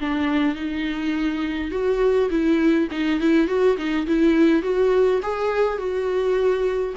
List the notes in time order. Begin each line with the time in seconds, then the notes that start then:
0.00 D4
0.55 D#4
1.71 F#4
2.30 E4
2.91 D#4
3.20 E4
3.48 F#4
3.77 D#4
4.07 E4
4.62 F#4
5.22 G#4
5.78 F#4